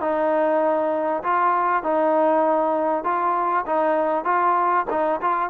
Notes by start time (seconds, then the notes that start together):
0.00 D#4
1.23 F4
1.83 D#4
3.04 F4
3.66 D#4
4.24 F4
4.90 D#4
5.21 F4